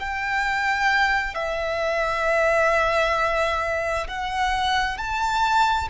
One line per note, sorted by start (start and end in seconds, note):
0.00 1.35 G5
1.35 4.07 E5
4.08 4.98 F#5
4.98 5.89 A5